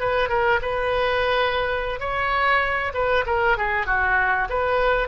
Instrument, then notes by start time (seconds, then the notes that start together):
oboe
0.00 B4
0.29 A#4
0.62 B4
2.00 C#5
2.94 B4
3.26 A#4
3.57 G#4
3.87 F#4
4.50 B4